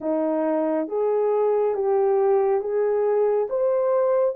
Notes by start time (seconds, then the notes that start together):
0.00 D#4
0.87 G#4
1.74 G4
2.60 G#4
3.49 C5